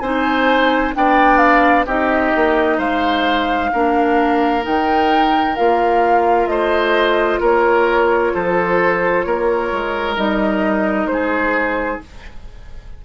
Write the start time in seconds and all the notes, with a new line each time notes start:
0.00 C4 D#4 C5 G#5
0.94 B3 D4 D5 G5
1.38 F5
1.86 C4 D#4 G4 D#5
2.35 A#3
2.78 G#3 C5 F5
3.73 A#3 D4 A#4
4.62 D#3 D#4 G5
5.56 A#3 F4 F5
6.47 A3 C5 D#5
7.40 A#3 A#4 C#5
8.34 F3 A4 C5
9.22 A#3 A#4 C#5
9.72 G#3
10.17 G3 D#4 D#5
11.06 G#3 C5
11.13 G#4